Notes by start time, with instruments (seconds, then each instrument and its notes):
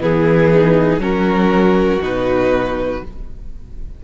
0.00 cello E3, violin B3 G#4, viola E4
0.54 viola D#4
0.99 cello F#3, viola C#4, violin F#4 A#4
2.02 cello B2, viola D#4, violin B4